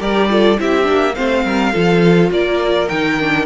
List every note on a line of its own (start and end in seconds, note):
0.00 0.58 G3
0.00 0.29 G4
0.00 0.29 A#4
0.00 0.60 D5
0.29 0.58 F4
0.29 0.60 A4
0.58 0.88 C4
0.58 0.83 E4
0.58 1.16 G4
0.58 1.15 E5
0.83 1.17 A#3
0.83 1.12 D4
1.15 1.45 A3
1.15 1.74 C4
1.15 1.44 C5
1.15 2.30 F5
1.45 1.74 G3
1.45 1.73 A#4
1.73 2.30 F3
1.73 2.89 F4
1.73 2.30 A4
2.30 2.88 A#3
2.30 3.46 A#4
2.30 2.89 D5
2.89 3.46 D#3
2.89 3.19 D#4
2.89 3.46 G5
3.20 3.46 D4